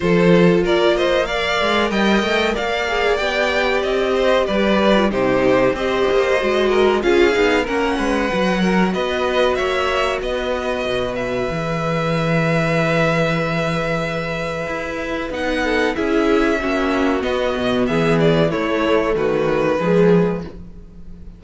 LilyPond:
<<
  \new Staff \with { instrumentName = "violin" } { \time 4/4 \tempo 4 = 94 c''4 d''8 dis''8 f''4 g''4 | f''4 g''4 dis''4 d''4 | c''4 dis''2 f''4 | fis''2 dis''4 e''4 |
dis''4. e''2~ e''8~ | e''1 | fis''4 e''2 dis''4 | e''8 d''8 cis''4 b'2 | }
  \new Staff \with { instrumentName = "violin" } { \time 4/4 a'4 ais'8 c''8 d''4 dis''4 | d''2~ d''8 c''8 b'4 | g'4 c''4. ais'8 gis'4 | ais'8 b'4 ais'8 b'4 cis''4 |
b'1~ | b'1~ | b'8 a'8 gis'4 fis'2 | gis'4 e'4 fis'4 gis'4 | }
  \new Staff \with { instrumentName = "viola" } { \time 4/4 f'2 ais'2~ | ais'8 gis'8 g'2~ g'8. f'16 | dis'4 g'4 fis'4 f'8 dis'8 | cis'4 fis'2.~ |
fis'2 gis'2~ | gis'1 | dis'4 e'4 cis'4 b4~ | b4 a2 gis4 | }
  \new Staff \with { instrumentName = "cello" } { \time 4/4 f4 ais4. gis8 g8 a8 | ais4 b4 c'4 g4 | c4 c'8 ais8 gis4 cis'8 b8 | ais8 gis8 fis4 b4 ais4 |
b4 b,4 e2~ | e2. e'4 | b4 cis'4 ais4 b8 b,8 | e4 a4 dis4 f4 | }
>>